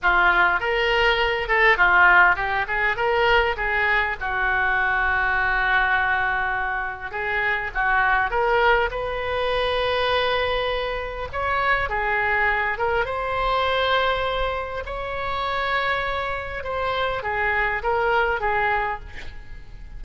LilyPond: \new Staff \with { instrumentName = "oboe" } { \time 4/4 \tempo 4 = 101 f'4 ais'4. a'8 f'4 | g'8 gis'8 ais'4 gis'4 fis'4~ | fis'1 | gis'4 fis'4 ais'4 b'4~ |
b'2. cis''4 | gis'4. ais'8 c''2~ | c''4 cis''2. | c''4 gis'4 ais'4 gis'4 | }